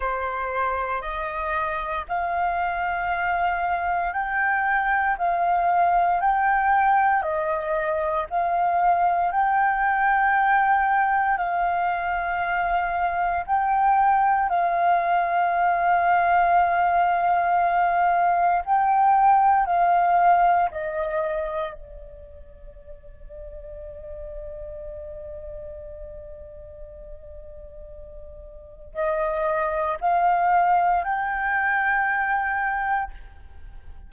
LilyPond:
\new Staff \with { instrumentName = "flute" } { \time 4/4 \tempo 4 = 58 c''4 dis''4 f''2 | g''4 f''4 g''4 dis''4 | f''4 g''2 f''4~ | f''4 g''4 f''2~ |
f''2 g''4 f''4 | dis''4 d''2.~ | d''1 | dis''4 f''4 g''2 | }